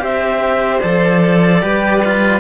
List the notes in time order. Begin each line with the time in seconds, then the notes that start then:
0.00 C4 G4 C5 E5
0.81 F3 A4 D5
1.62 G3 G4 B4
2.05 F4